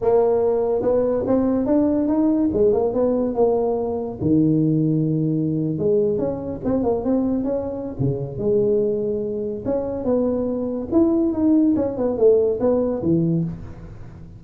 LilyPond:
\new Staff \with { instrumentName = "tuba" } { \time 4/4 \tempo 4 = 143 ais2 b4 c'4 | d'4 dis'4 gis8 ais8 b4 | ais2 dis2~ | dis4.~ dis16 gis4 cis'4 c'16~ |
c'16 ais8 c'4 cis'4~ cis'16 cis4 | gis2. cis'4 | b2 e'4 dis'4 | cis'8 b8 a4 b4 e4 | }